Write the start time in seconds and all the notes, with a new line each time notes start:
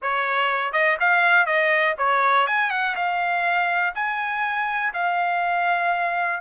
0.02 C#5
0.72 D#5
0.99 F5
1.46 D#5
1.98 C#5
2.46 G#5
2.70 F#5
2.95 F5
3.95 G#5
4.93 F5